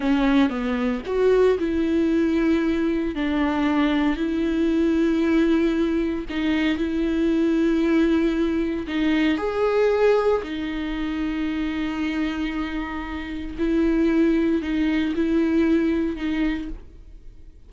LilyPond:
\new Staff \with { instrumentName = "viola" } { \time 4/4 \tempo 4 = 115 cis'4 b4 fis'4 e'4~ | e'2 d'2 | e'1 | dis'4 e'2.~ |
e'4 dis'4 gis'2 | dis'1~ | dis'2 e'2 | dis'4 e'2 dis'4 | }